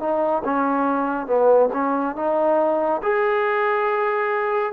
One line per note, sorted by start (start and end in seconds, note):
0.00 0.43 D#4
0.44 1.27 C#4
1.27 1.70 B3
1.73 2.16 C#4
2.16 3.02 D#4
3.03 4.73 G#4